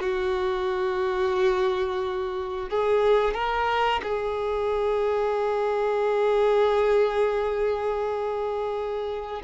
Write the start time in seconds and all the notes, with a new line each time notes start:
0.00 F#4
2.70 G#4
3.34 A#4
4.03 G#4